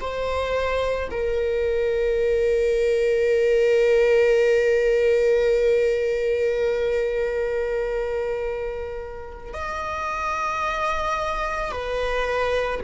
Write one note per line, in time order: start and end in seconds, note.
0.00 1.09 C5
1.11 9.54 A#4
9.54 11.71 D#5
11.71 12.80 B4